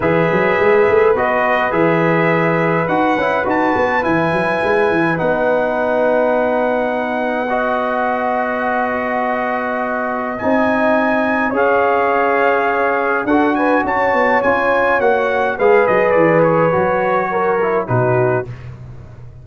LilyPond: <<
  \new Staff \with { instrumentName = "trumpet" } { \time 4/4 \tempo 4 = 104 e''2 dis''4 e''4~ | e''4 fis''4 a''4 gis''4~ | gis''4 fis''2.~ | fis''1~ |
fis''2 gis''2 | f''2. fis''8 gis''8 | a''4 gis''4 fis''4 f''8 dis''8 | d''8 cis''2~ cis''8 b'4 | }
  \new Staff \with { instrumentName = "horn" } { \time 4/4 b'1~ | b'1~ | b'1~ | b'4 dis''2.~ |
dis''1 | cis''2. a'8 b'8 | cis''2. b'4~ | b'2 ais'4 fis'4 | }
  \new Staff \with { instrumentName = "trombone" } { \time 4/4 gis'2 fis'4 gis'4~ | gis'4 fis'8 e'8 fis'4 e'4~ | e'4 dis'2.~ | dis'4 fis'2.~ |
fis'2 dis'2 | gis'2. fis'4~ | fis'4 f'4 fis'4 gis'4~ | gis'4 fis'4. e'8 dis'4 | }
  \new Staff \with { instrumentName = "tuba" } { \time 4/4 e8 fis8 gis8 a8 b4 e4~ | e4 dis'8 cis'8 dis'8 b8 e8 fis8 | gis8 e8 b2.~ | b1~ |
b2 c'2 | cis'2. d'4 | cis'8 b8 cis'4 ais4 gis8 fis8 | e4 fis2 b,4 | }
>>